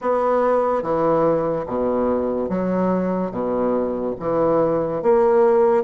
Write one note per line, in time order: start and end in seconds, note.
0.01 0.82 B3
0.82 1.65 E3
1.66 2.48 B2
2.48 3.31 F#3
3.31 4.14 B2
4.19 5.02 E3
5.02 5.83 A#3